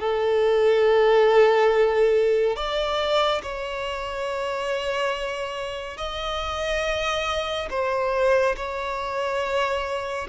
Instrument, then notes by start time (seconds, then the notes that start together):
violin
0.00 A4
2.56 D5
3.43 C#5
5.98 D#5
7.70 C5
8.56 C#5